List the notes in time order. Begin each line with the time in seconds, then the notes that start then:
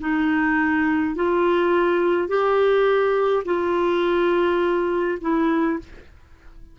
0.00 D#4
1.15 F4
2.28 G4
3.45 F4
5.21 E4